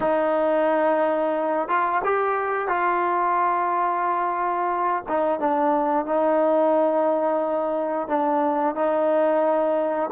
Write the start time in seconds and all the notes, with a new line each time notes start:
0.00 D#4
1.68 F4
2.04 G4
2.68 F4
5.08 D#4
5.39 D4
6.05 D#4
8.08 D4
8.75 D#4